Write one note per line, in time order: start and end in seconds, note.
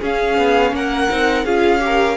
0.00 0.38 C#4
0.00 1.09 C#4
0.00 0.72 G#4
0.00 0.75 F5
0.38 0.72 B3
0.72 1.08 A#3
0.72 1.45 A#4
0.72 1.46 F#5
1.09 1.45 C4
1.09 1.45 D#4
1.45 2.17 C#4
1.45 1.79 F4
1.45 1.81 G#4
1.45 2.17 F5
1.79 2.15 G4
1.86 2.17 A#4